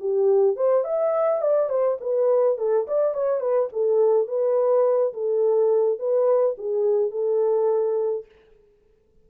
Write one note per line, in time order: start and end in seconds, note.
0.00 0.57 G4
0.57 0.85 C5
0.85 1.42 E5
1.42 1.70 D5
1.70 1.98 C5
2.01 2.58 B4
2.58 2.87 A4
2.88 3.15 D5
3.15 3.41 C#5
3.41 3.69 B4
3.73 4.28 A4
4.28 5.13 B4
5.14 5.99 A4
5.99 6.56 B4
6.58 7.11 G#4
7.11 8.26 A4